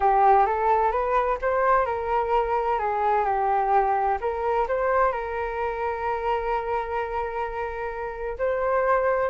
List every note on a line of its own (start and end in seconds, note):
0.00 0.45 G4
0.45 0.91 A4
0.91 1.38 B4
1.41 1.85 C5
1.85 2.78 A#4
2.79 3.25 G#4
3.25 4.18 G4
4.21 4.67 A#4
4.68 5.11 C5
5.11 8.37 A#4
8.38 9.29 C5